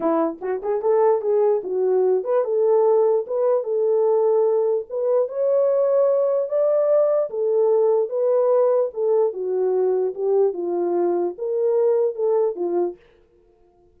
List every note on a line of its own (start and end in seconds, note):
0.00 0.39 E4
0.41 0.61 F#4
0.62 0.81 G#4
0.81 1.21 A4
1.21 1.62 G#4
1.63 2.24 F#4
2.24 2.44 B4
2.44 3.25 A4
3.27 3.63 B4
3.63 4.85 A4
4.89 5.28 B4
5.28 6.48 C#5
6.48 7.29 D5
7.30 8.09 A4
8.09 8.90 B4
8.93 9.33 A4
9.33 10.14 F#4
10.14 10.53 G4
10.53 11.34 F4
11.38 12.15 A#4
12.15 12.55 A4
12.55 12.96 F4